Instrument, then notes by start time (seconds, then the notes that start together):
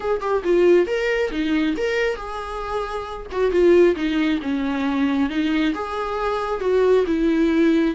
viola
0.00 G#4
0.20 G4
0.44 F4
0.87 A#4
1.31 D#4
1.77 A#4
2.16 G#4
3.31 F#4
3.51 F4
3.95 D#4
4.42 C#4
5.29 D#4
5.74 G#4
6.60 F#4
7.06 E4